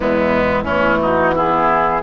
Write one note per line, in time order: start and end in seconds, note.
0.00 0.68 E2
0.00 0.65 G#3
0.00 0.63 B3
0.00 1.00 E4
0.63 2.02 E3
0.63 1.32 A3
0.63 0.97 C#4
1.01 1.35 D#4
1.01 1.34 F#4
1.35 2.02 B3
1.35 2.02 E4
1.35 2.02 G#4